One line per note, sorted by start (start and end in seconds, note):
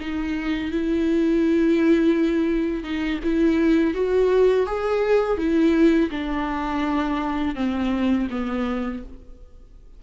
0.00 0.71 D#4
0.71 2.84 E4
2.84 3.20 D#4
3.23 3.94 E4
3.94 4.66 F#4
4.66 5.38 G#4
5.38 6.10 E4
6.11 7.55 D4
7.55 8.27 C4
8.30 9.03 B3